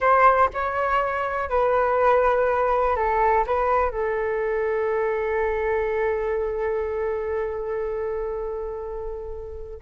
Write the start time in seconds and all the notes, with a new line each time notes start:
0.00 C5
0.53 C#5
1.49 B4
2.96 A4
3.46 B4
3.90 A4